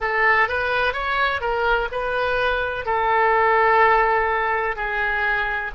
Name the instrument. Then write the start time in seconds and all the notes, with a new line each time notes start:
oboe
0.00 A4
0.48 B4
0.93 C#5
1.40 A#4
1.91 B4
2.85 A4
4.76 G#4